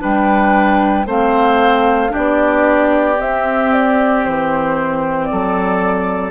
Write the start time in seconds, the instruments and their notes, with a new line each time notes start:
0.00 bassoon G3, clarinet D4, oboe B4, flute G5
1.06 bassoon A3, clarinet C4, oboe C5, flute F5
2.10 clarinet D4, oboe G4, flute D5
2.17 bassoon B3
3.18 clarinet C4, bassoon C4, flute E5
3.73 flute D5
4.25 bassoon E3, flute C5
5.25 flute D5
5.32 bassoon F#3, oboe A4